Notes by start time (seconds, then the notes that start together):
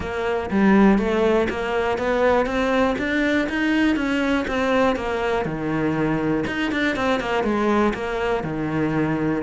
0.00 A#3
0.50 G3
0.98 A3
1.49 A#3
1.97 B3
2.46 C4
2.98 D4
3.49 D#4
3.95 C#4
4.47 C4
4.95 A#3
5.45 D#3
6.47 D#4
6.71 D4
6.96 C4
7.20 A#3
7.43 G#3
7.93 A#3
8.43 D#3